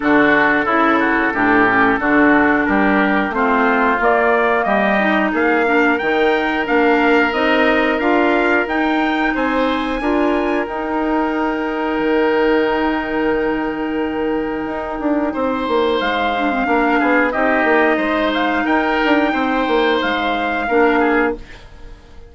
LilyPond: <<
  \new Staff \with { instrumentName = "trumpet" } { \time 4/4 \tempo 4 = 90 a'1 | ais'4 c''4 d''4 dis''4 | f''4 g''4 f''4 dis''4 | f''4 g''4 gis''2 |
g''1~ | g''1 | f''2 dis''4. f''8 | g''2 f''2 | }
  \new Staff \with { instrumentName = "oboe" } { \time 4/4 fis'4 e'8 fis'8 g'4 fis'4 | g'4 f'2 g'4 | gis'8 ais'2.~ ais'8~ | ais'2 c''4 ais'4~ |
ais'1~ | ais'2. c''4~ | c''4 ais'8 gis'8 g'4 c''4 | ais'4 c''2 ais'8 gis'8 | }
  \new Staff \with { instrumentName = "clarinet" } { \time 4/4 d'4 e'4 d'8 cis'8 d'4~ | d'4 c'4 ais4. dis'8~ | dis'8 d'8 dis'4 d'4 dis'4 | f'4 dis'2 f'4 |
dis'1~ | dis'1~ | dis'8 d'16 c'16 d'4 dis'2~ | dis'2. d'4 | }
  \new Staff \with { instrumentName = "bassoon" } { \time 4/4 d4 cis4 a,4 d4 | g4 a4 ais4 g4 | ais4 dis4 ais4 c'4 | d'4 dis'4 c'4 d'4 |
dis'2 dis2~ | dis2 dis'8 d'8 c'8 ais8 | gis4 ais8 b8 c'8 ais8 gis4 | dis'8 d'8 c'8 ais8 gis4 ais4 | }
>>